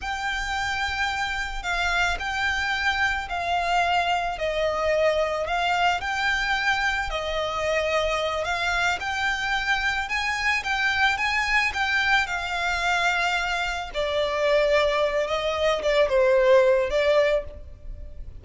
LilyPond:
\new Staff \with { instrumentName = "violin" } { \time 4/4 \tempo 4 = 110 g''2. f''4 | g''2 f''2 | dis''2 f''4 g''4~ | g''4 dis''2~ dis''8 f''8~ |
f''8 g''2 gis''4 g''8~ | g''8 gis''4 g''4 f''4.~ | f''4. d''2~ d''8 | dis''4 d''8 c''4. d''4 | }